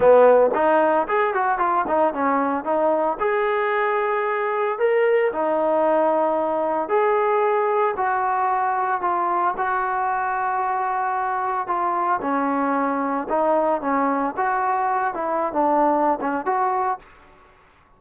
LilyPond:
\new Staff \with { instrumentName = "trombone" } { \time 4/4 \tempo 4 = 113 b4 dis'4 gis'8 fis'8 f'8 dis'8 | cis'4 dis'4 gis'2~ | gis'4 ais'4 dis'2~ | dis'4 gis'2 fis'4~ |
fis'4 f'4 fis'2~ | fis'2 f'4 cis'4~ | cis'4 dis'4 cis'4 fis'4~ | fis'8 e'8. d'4~ d'16 cis'8 fis'4 | }